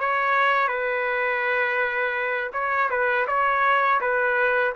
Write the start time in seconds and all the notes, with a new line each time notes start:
0.00 C#5
0.68 B4
2.53 C#5
2.90 B4
3.27 C#5
4.01 B4